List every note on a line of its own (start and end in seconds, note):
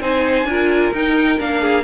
0.00 0.44 C4
0.00 0.46 D#4
0.00 0.47 C5
0.00 0.94 G#5
0.44 0.90 D4
0.44 0.94 F4
0.44 1.61 A#4
0.93 1.39 D#4
0.93 1.38 D#4
0.93 1.40 G5
1.38 1.84 A#3
1.38 1.84 D4
1.38 1.84 F5
1.61 1.84 G#4